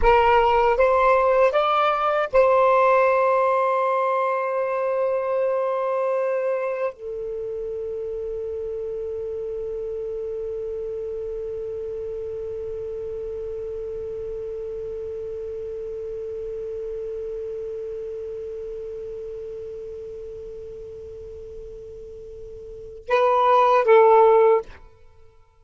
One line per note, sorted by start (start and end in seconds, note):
0.02 0.77 A#4
0.77 1.51 C5
1.51 2.28 D5
2.32 6.93 C5
6.93 23.08 A4
23.08 23.84 B4
23.84 24.61 A4